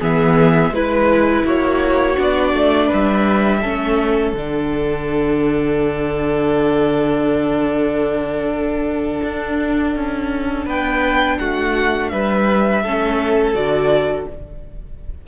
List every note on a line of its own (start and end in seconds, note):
0.00 0.71 E3
0.00 0.73 B3
0.00 0.72 G#4
0.00 0.75 E5
0.71 1.43 G#3
0.71 2.17 E4
0.71 1.47 B4
0.71 1.46 B4
1.44 2.17 A#3
1.44 2.87 F#4
1.44 2.20 C#5
2.17 2.54 B3
2.17 3.61 D4
2.17 2.93 D5
2.54 2.90 A3
2.87 3.59 B4
2.93 3.65 G3
2.93 4.33 E5
3.62 4.33 A3
3.62 4.36 C#4
3.62 10.66 A4
4.33 9.21 D3
4.33 12.86 D4
4.33 10.66 F#5
9.23 9.96 D4
9.96 10.66 C#4
10.66 11.39 B3
10.66 11.38 B4
10.66 11.39 G5
11.39 12.12 A3
11.39 12.12 F#4
11.39 12.09 F#5
12.09 12.83 G3
12.09 12.83 B4
12.09 13.54 E5
12.83 13.55 A3
12.83 13.55 C#4
12.83 14.28 A4
13.55 14.27 D3
13.55 14.27 F#4
13.55 14.27 D5